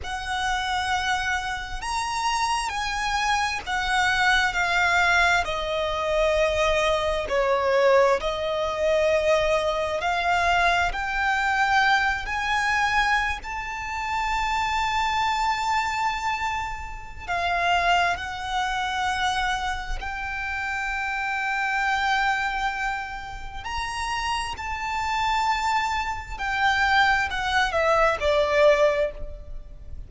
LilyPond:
\new Staff \with { instrumentName = "violin" } { \time 4/4 \tempo 4 = 66 fis''2 ais''4 gis''4 | fis''4 f''4 dis''2 | cis''4 dis''2 f''4 | g''4. gis''4~ gis''16 a''4~ a''16~ |
a''2. f''4 | fis''2 g''2~ | g''2 ais''4 a''4~ | a''4 g''4 fis''8 e''8 d''4 | }